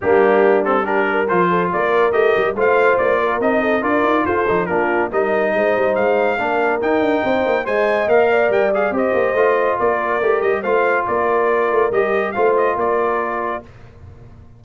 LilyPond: <<
  \new Staff \with { instrumentName = "trumpet" } { \time 4/4 \tempo 4 = 141 g'4. a'8 ais'4 c''4 | d''4 dis''4 f''4 d''4 | dis''4 d''4 c''4 ais'4 | dis''2 f''2 |
g''2 gis''4 f''4 | g''8 f''8 dis''2 d''4~ | d''8 dis''8 f''4 d''2 | dis''4 f''8 dis''8 d''2 | }
  \new Staff \with { instrumentName = "horn" } { \time 4/4 d'2 g'8 ais'4 a'8 | ais'2 c''4. ais'8~ | ais'8 a'8 ais'4 a'4 f'4 | ais'4 c''2 ais'4~ |
ais'4 c''4 dis''4. d''8~ | d''4 c''2 ais'4~ | ais'4 c''4 ais'2~ | ais'4 c''4 ais'2 | }
  \new Staff \with { instrumentName = "trombone" } { \time 4/4 ais4. c'8 d'4 f'4~ | f'4 g'4 f'2 | dis'4 f'4. dis'8 d'4 | dis'2. d'4 |
dis'2 c''4 ais'4~ | ais'8 gis'8 g'4 f'2 | g'4 f'2. | g'4 f'2. | }
  \new Staff \with { instrumentName = "tuba" } { \time 4/4 g2. f4 | ais4 a8 g8 a4 ais4 | c'4 d'8 dis'8 f'8 f8 ais4 | g4 gis8 g8 gis4 ais4 |
dis'8 d'8 c'8 ais8 gis4 ais4 | g4 c'8 ais8 a4 ais4 | a8 g8 a4 ais4. a8 | g4 a4 ais2 | }
>>